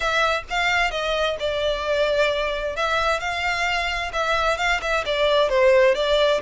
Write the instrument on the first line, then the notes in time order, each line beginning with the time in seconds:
violin
0.00 E5
0.50 F5
0.91 D#5
1.39 D5
2.75 E5
3.20 F5
4.13 E5
4.57 F5
4.81 E5
5.05 D5
5.49 C5
5.95 D5